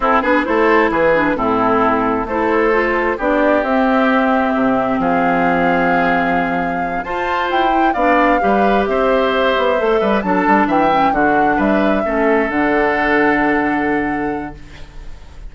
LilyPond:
<<
  \new Staff \with { instrumentName = "flute" } { \time 4/4 \tempo 4 = 132 a'8 b'8 c''4 b'4 a'4~ | a'4 c''2 d''4 | e''2. f''4~ | f''2.~ f''8 a''8~ |
a''8 g''4 f''2 e''8~ | e''2~ e''8 a''4 g''8~ | g''8 fis''4 e''2 fis''8~ | fis''1 | }
  \new Staff \with { instrumentName = "oboe" } { \time 4/4 e'8 gis'8 a'4 gis'4 e'4~ | e'4 a'2 g'4~ | g'2. gis'4~ | gis'2.~ gis'8 c''8~ |
c''4. d''4 b'4 c''8~ | c''2 b'8 a'4 e''8~ | e''8 fis'4 b'4 a'4.~ | a'1 | }
  \new Staff \with { instrumentName = "clarinet" } { \time 4/4 c'8 d'8 e'4. d'8 c'4~ | c'4 e'4 f'4 d'4 | c'1~ | c'2.~ c'8 f'8~ |
f'4 e'8 d'4 g'4.~ | g'4. a'4 d'4. | cis'8 d'2 cis'4 d'8~ | d'1 | }
  \new Staff \with { instrumentName = "bassoon" } { \time 4/4 c'8 b8 a4 e4 a,4~ | a,4 a2 b4 | c'2 c4 f4~ | f2.~ f8 f'8~ |
f'8 e'4 b4 g4 c'8~ | c'4 b8 a8 g8 fis8 g8 e8~ | e8 d4 g4 a4 d8~ | d1 | }
>>